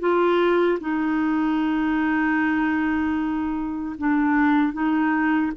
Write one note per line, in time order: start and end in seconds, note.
0.00 0.79 F4
0.80 3.96 D#4
3.98 4.73 D4
4.73 5.52 D#4